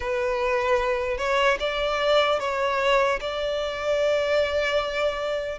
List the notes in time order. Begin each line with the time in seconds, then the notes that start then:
0.00 B4
1.17 C#5
1.59 D5
2.39 C#5
3.20 D5